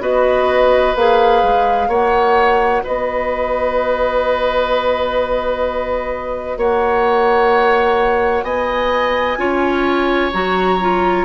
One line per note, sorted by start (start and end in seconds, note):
0.00 0.94 B3
0.00 0.94 F#4
0.00 1.88 B4
0.00 0.96 D#5
0.96 1.42 A#3
0.96 1.90 G#4
0.96 1.90 F5
1.43 1.88 G#3
1.88 2.82 A#3
1.88 9.38 F#4
1.88 2.82 C#5
1.88 2.84 F#5
2.84 6.56 B3
2.84 6.58 B4
2.84 6.58 D#5
6.56 8.43 A#3
6.56 8.44 C#5
6.56 8.44 F#5
8.43 9.37 B3
8.43 9.38 D#5
8.43 10.31 G#5
9.37 10.31 C#4
9.37 10.31 F4
9.37 11.25 C#5
10.33 11.25 F#3
10.33 10.79 F#4
10.33 11.25 A#5
10.81 11.25 F4